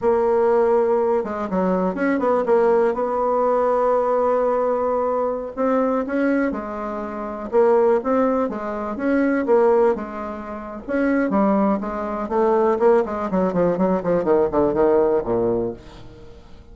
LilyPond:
\new Staff \with { instrumentName = "bassoon" } { \time 4/4 \tempo 4 = 122 ais2~ ais8 gis8 fis4 | cis'8 b8 ais4 b2~ | b2.~ b16 c'8.~ | c'16 cis'4 gis2 ais8.~ |
ais16 c'4 gis4 cis'4 ais8.~ | ais16 gis4.~ gis16 cis'4 g4 | gis4 a4 ais8 gis8 fis8 f8 | fis8 f8 dis8 d8 dis4 ais,4 | }